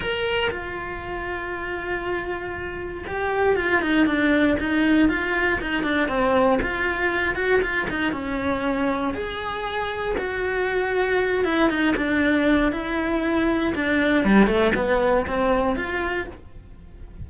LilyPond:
\new Staff \with { instrumentName = "cello" } { \time 4/4 \tempo 4 = 118 ais'4 f'2.~ | f'2 g'4 f'8 dis'8 | d'4 dis'4 f'4 dis'8 d'8 | c'4 f'4. fis'8 f'8 dis'8 |
cis'2 gis'2 | fis'2~ fis'8 e'8 dis'8 d'8~ | d'4 e'2 d'4 | g8 a8 b4 c'4 f'4 | }